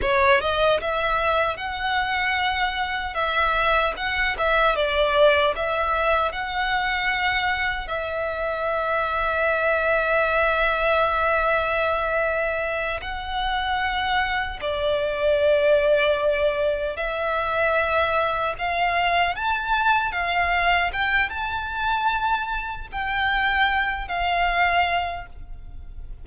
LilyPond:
\new Staff \with { instrumentName = "violin" } { \time 4/4 \tempo 4 = 76 cis''8 dis''8 e''4 fis''2 | e''4 fis''8 e''8 d''4 e''4 | fis''2 e''2~ | e''1~ |
e''8 fis''2 d''4.~ | d''4. e''2 f''8~ | f''8 a''4 f''4 g''8 a''4~ | a''4 g''4. f''4. | }